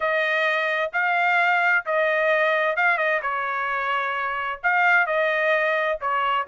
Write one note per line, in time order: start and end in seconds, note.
0.00 0.91 D#5
0.93 1.85 F5
1.85 2.76 D#5
2.76 2.97 F5
2.97 3.20 D#5
3.22 4.60 C#5
4.63 5.06 F5
5.06 5.99 D#5
6.00 6.46 C#5